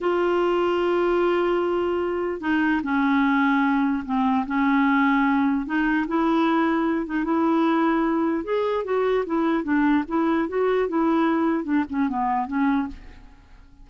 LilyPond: \new Staff \with { instrumentName = "clarinet" } { \time 4/4 \tempo 4 = 149 f'1~ | f'2 dis'4 cis'4~ | cis'2 c'4 cis'4~ | cis'2 dis'4 e'4~ |
e'4. dis'8 e'2~ | e'4 gis'4 fis'4 e'4 | d'4 e'4 fis'4 e'4~ | e'4 d'8 cis'8 b4 cis'4 | }